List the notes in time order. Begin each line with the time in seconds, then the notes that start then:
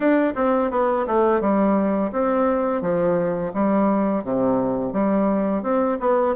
0.00 D4
0.35 C4
0.71 B3
1.06 A3
1.40 G3
2.12 C4
2.81 F3
3.53 G3
4.24 C3
4.92 G3
5.62 C4
6.00 B3